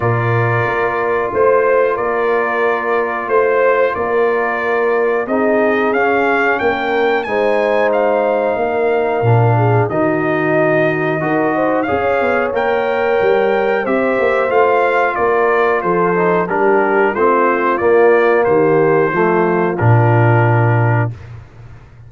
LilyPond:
<<
  \new Staff \with { instrumentName = "trumpet" } { \time 4/4 \tempo 4 = 91 d''2 c''4 d''4~ | d''4 c''4 d''2 | dis''4 f''4 g''4 gis''4 | f''2. dis''4~ |
dis''2 f''4 g''4~ | g''4 e''4 f''4 d''4 | c''4 ais'4 c''4 d''4 | c''2 ais'2 | }
  \new Staff \with { instrumentName = "horn" } { \time 4/4 ais'2 c''4 ais'4~ | ais'4 c''4 ais'2 | gis'2 ais'4 c''4~ | c''4 ais'4. gis'8 fis'4~ |
fis'4 ais'8 c''8 cis''2~ | cis''4 c''2 ais'4 | a'4 g'4 f'2 | g'4 f'2. | }
  \new Staff \with { instrumentName = "trombone" } { \time 4/4 f'1~ | f'1 | dis'4 cis'2 dis'4~ | dis'2 d'4 dis'4~ |
dis'4 fis'4 gis'4 ais'4~ | ais'4 g'4 f'2~ | f'8 dis'8 d'4 c'4 ais4~ | ais4 a4 d'2 | }
  \new Staff \with { instrumentName = "tuba" } { \time 4/4 ais,4 ais4 a4 ais4~ | ais4 a4 ais2 | c'4 cis'4 ais4 gis4~ | gis4 ais4 ais,4 dis4~ |
dis4 dis'4 cis'8 b8 ais4 | g4 c'8 ais8 a4 ais4 | f4 g4 a4 ais4 | dis4 f4 ais,2 | }
>>